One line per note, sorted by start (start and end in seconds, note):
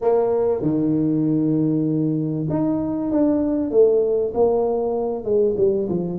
0.01 0.61 A#3
0.61 2.47 D#3
2.49 3.11 D#4
3.11 3.70 D4
3.70 4.32 A3
4.34 5.24 A#3
5.24 5.55 G#3
5.57 5.88 G3
5.88 6.19 F3